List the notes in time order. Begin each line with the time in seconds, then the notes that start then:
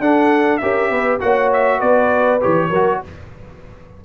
0.00 D4 A4 F#5
0.58 C#4 G4 A#4 E5
0.90 B3 B4
1.20 A#3 F#4 C#5 F#5
1.53 E5
1.79 B3 B4 D5
2.41 E3 G4 C#5
2.70 F#3 F#4 A#4